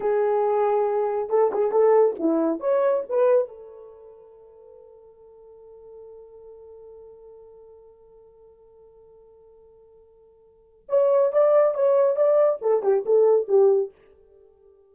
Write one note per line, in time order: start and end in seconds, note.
0.00 1.29 G#4
1.29 1.51 A4
1.52 1.71 G#4
1.71 2.15 A4
2.19 2.60 E4
2.60 3.03 C#5
3.09 3.48 B4
3.48 10.87 A4
10.88 11.32 C#5
11.32 11.74 D5
11.74 12.16 C#5
12.16 12.59 D5
12.61 12.82 A4
12.82 13.04 G4
13.05 13.48 A4
13.48 13.91 G4